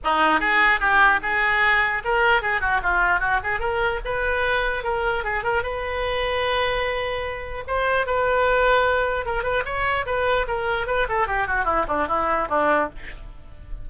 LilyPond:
\new Staff \with { instrumentName = "oboe" } { \time 4/4 \tempo 4 = 149 dis'4 gis'4 g'4 gis'4~ | gis'4 ais'4 gis'8 fis'8 f'4 | fis'8 gis'8 ais'4 b'2 | ais'4 gis'8 ais'8 b'2~ |
b'2. c''4 | b'2. ais'8 b'8 | cis''4 b'4 ais'4 b'8 a'8 | g'8 fis'8 e'8 d'8 e'4 d'4 | }